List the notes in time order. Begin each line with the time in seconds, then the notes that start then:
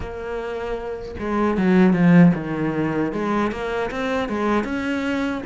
0.00 A#3
1.19 G#3
1.57 F#3
1.93 F3
2.34 D#3
3.12 G#3
3.51 A#3
3.90 C4
4.28 G#3
4.64 C#4